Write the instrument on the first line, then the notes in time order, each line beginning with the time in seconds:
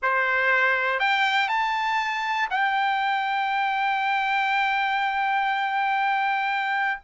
trumpet
0.02 C5
0.99 G5
1.48 A5
2.50 G5